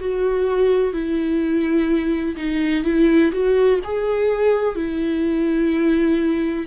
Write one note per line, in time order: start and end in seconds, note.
0.00 0.93 F#4
0.93 2.35 E4
2.37 2.84 D#4
2.84 3.32 E4
3.32 3.80 F#4
3.84 4.75 G#4
4.75 6.66 E4